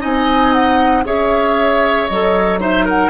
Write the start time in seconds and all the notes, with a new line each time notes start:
0.00 C4 D#4 D#5 G#5
0.53 F#5
1.05 C#4 G#4 C#5 E5
2.08 F#3 A4 D#5
2.61 D#4 C5 E5
2.85 A#4 F#5